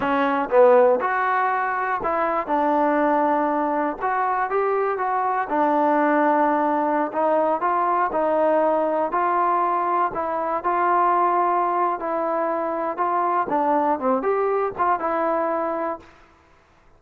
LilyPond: \new Staff \with { instrumentName = "trombone" } { \time 4/4 \tempo 4 = 120 cis'4 b4 fis'2 | e'4 d'2. | fis'4 g'4 fis'4 d'4~ | d'2~ d'16 dis'4 f'8.~ |
f'16 dis'2 f'4.~ f'16~ | f'16 e'4 f'2~ f'8. | e'2 f'4 d'4 | c'8 g'4 f'8 e'2 | }